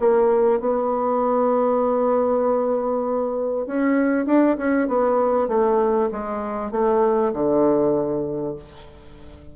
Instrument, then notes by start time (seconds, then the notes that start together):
bassoon
0.00 A#3
0.60 B3
3.67 C#4
4.26 D4
4.58 C#4
4.88 B3
5.48 A3
6.12 G#3
6.71 A3
7.33 D3